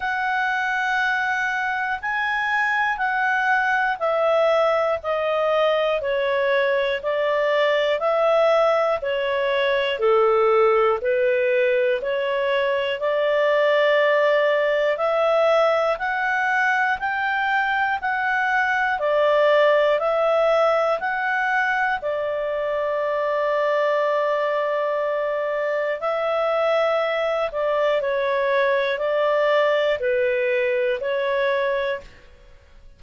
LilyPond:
\new Staff \with { instrumentName = "clarinet" } { \time 4/4 \tempo 4 = 60 fis''2 gis''4 fis''4 | e''4 dis''4 cis''4 d''4 | e''4 cis''4 a'4 b'4 | cis''4 d''2 e''4 |
fis''4 g''4 fis''4 d''4 | e''4 fis''4 d''2~ | d''2 e''4. d''8 | cis''4 d''4 b'4 cis''4 | }